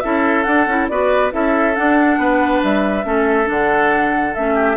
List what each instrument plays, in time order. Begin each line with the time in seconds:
0.00 bassoon C#4, clarinet E4, oboe A4, flute E5
0.43 clarinet D4, bassoon D4, flute F#5
0.67 bassoon C#4, clarinet E4
0.88 bassoon B3, clarinet F#4, oboe B4, flute D5
1.31 bassoon C#4, clarinet E4, oboe A4, flute E5
1.75 clarinet D4, bassoon D4, flute F#5
2.18 bassoon B3, oboe B4
2.63 bassoon G3, flute E5
3.03 bassoon A3, clarinet C#4, oboe A4
3.45 bassoon D3, clarinet D4, flute F#5
4.34 bassoon A3, clarinet C#4, flute E5
4.54 oboe G4